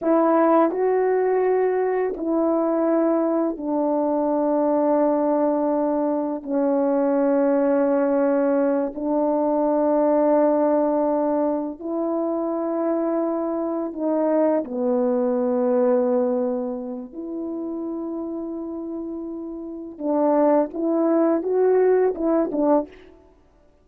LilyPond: \new Staff \with { instrumentName = "horn" } { \time 4/4 \tempo 4 = 84 e'4 fis'2 e'4~ | e'4 d'2.~ | d'4 cis'2.~ | cis'8 d'2.~ d'8~ |
d'8 e'2. dis'8~ | dis'8 b2.~ b8 | e'1 | d'4 e'4 fis'4 e'8 d'8 | }